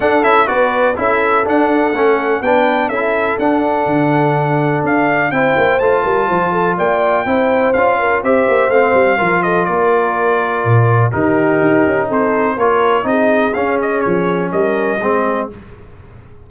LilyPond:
<<
  \new Staff \with { instrumentName = "trumpet" } { \time 4/4 \tempo 4 = 124 fis''8 e''8 d''4 e''4 fis''4~ | fis''4 g''4 e''4 fis''4~ | fis''2 f''4 g''4 | a''2 g''2 |
f''4 e''4 f''4. dis''8 | d''2. ais'4~ | ais'4 c''4 cis''4 dis''4 | f''8 dis''8 cis''4 dis''2 | }
  \new Staff \with { instrumentName = "horn" } { \time 4/4 a'4 b'4 a'2~ | a'4 b'4 a'2~ | a'2. c''4~ | c''8 ais'8 c''8 a'8 d''4 c''4~ |
c''8 ais'8 c''2 ais'8 a'8 | ais'2. g'4~ | g'4 a'4 ais'4 gis'4~ | gis'2 ais'4 gis'4 | }
  \new Staff \with { instrumentName = "trombone" } { \time 4/4 d'8 e'8 fis'4 e'4 d'4 | cis'4 d'4 e'4 d'4~ | d'2. e'4 | f'2. e'4 |
f'4 g'4 c'4 f'4~ | f'2. dis'4~ | dis'2 f'4 dis'4 | cis'2. c'4 | }
  \new Staff \with { instrumentName = "tuba" } { \time 4/4 d'8 cis'8 b4 cis'4 d'4 | a4 b4 cis'4 d'4 | d2 d'4 c'8 ais8 | a8 g8 f4 ais4 c'4 |
cis'4 c'8 ais8 a8 g8 f4 | ais2 ais,4 dis4 | dis'8 cis'8 c'4 ais4 c'4 | cis'4 f4 g4 gis4 | }
>>